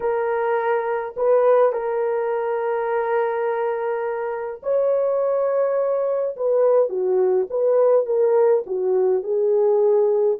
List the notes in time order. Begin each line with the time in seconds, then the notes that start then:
0.00 A#4
1.16 B4
1.72 A#4
4.63 C#5
6.36 B4
6.89 F#4
7.50 B4
8.05 A#4
8.66 F#4
9.23 G#4